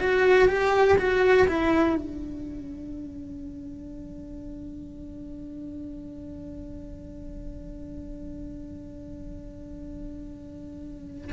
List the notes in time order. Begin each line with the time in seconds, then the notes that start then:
0.00 F#4
0.48 G4
0.98 F#4
1.48 E4
1.96 D4